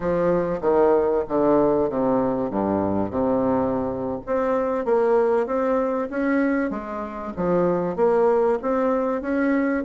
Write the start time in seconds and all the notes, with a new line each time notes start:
0.00 F3
0.61 D#3
1.28 D3
1.89 C3
2.50 G2
3.10 C3
4.26 C4
4.85 A#3
5.46 C4
6.10 C#4
6.70 G#3
7.36 F3
7.96 A#3
8.62 C4
9.21 C#4